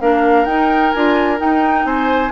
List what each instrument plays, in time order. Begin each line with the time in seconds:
0.00 bassoon A#3, clarinet D4, oboe A#4, flute F5
0.45 bassoon D#4, clarinet D#4, flute G5
0.91 bassoon D4, clarinet F4, flute G#5
1.37 clarinet D#4, bassoon D#4, flute G5
1.84 bassoon C4, oboe C5, flute G#5